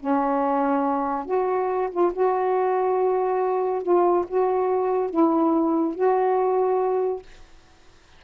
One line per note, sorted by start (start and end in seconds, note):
0.00 1.26 C#4
1.26 1.90 F#4
1.91 2.13 F4
2.13 3.83 F#4
3.83 4.25 F4
4.28 5.10 F#4
5.10 5.95 E4
5.95 7.23 F#4